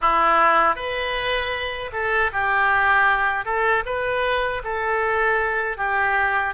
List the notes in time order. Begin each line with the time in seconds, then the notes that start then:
0.01 E4
0.75 B4
1.92 A4
2.32 G4
3.45 A4
3.85 B4
4.64 A4
5.77 G4